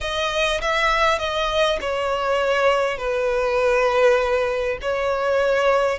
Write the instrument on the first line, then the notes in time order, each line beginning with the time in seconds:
violin
0.00 D#5
0.61 E5
1.18 D#5
1.80 C#5
2.98 B4
4.81 C#5